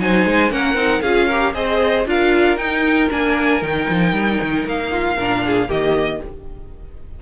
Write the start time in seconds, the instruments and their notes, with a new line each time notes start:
0.00 cello F#3, viola D#4, violin C5 G#5
0.25 cello G#3
0.50 cello A#3, viola C#4, violin A#4 F#5
0.74 cello C4, viola D#4
1.02 cello C#4, viola F4, violin G#4 F5
1.27 viola G4, violin A#4
1.54 cello C4, viola G#4, violin C5 D#5
2.06 cello D4, viola F4, violin A#4 F5
2.57 cello D#4, viola D#4, violin G5
3.10 cello A#3, viola D4, violin G#5
3.62 cello D#3, viola D#4, violin G5
3.89 cello F3
4.13 cello G3
4.42 cello D#3
4.65 cello A#3, violin F5
4.91 violin F4
5.16 cello A#2, viola D4, violin A#4
5.46 violin G#4
5.68 cello D#3, viola A#3, violin G4 D#5